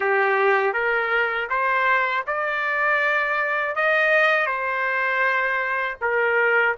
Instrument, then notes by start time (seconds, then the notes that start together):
trumpet
0.00 G4
0.73 A#4
1.49 C5
2.27 D5
3.75 D#5
4.46 C5
6.01 A#4